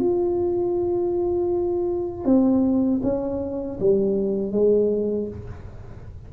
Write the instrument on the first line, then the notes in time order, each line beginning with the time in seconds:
tuba
0.00 F4
2.25 C4
3.03 C#4
3.80 G3
4.53 G#3